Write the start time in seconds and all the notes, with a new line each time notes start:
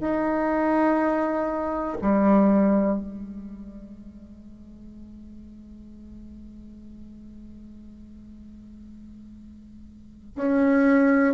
0.00 D#4
2.01 G3
2.99 G#3
10.35 C#4